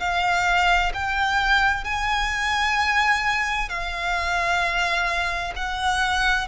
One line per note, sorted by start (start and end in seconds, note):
0.00 0.92 F5
0.94 1.85 G5
1.85 3.69 G#5
3.69 5.54 F5
5.56 6.48 F#5